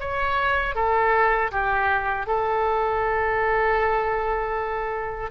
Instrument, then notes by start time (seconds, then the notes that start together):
oboe
0.00 C#5
0.75 A4
1.52 G4
2.27 A4